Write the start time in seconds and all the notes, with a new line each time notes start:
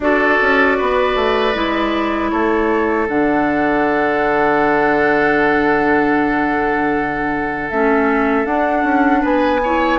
0.00 D4 F#4 A4 D5
0.41 C#4
0.77 B3 B4
1.15 A3
1.54 G#3 E4
2.29 A3 A4 C#5
3.08 D3 D4 F#5
7.70 A3 C#4 E5
8.45 D4 F#5
8.83 C#4
9.21 B3 B4 G#5
9.63 E4 C#5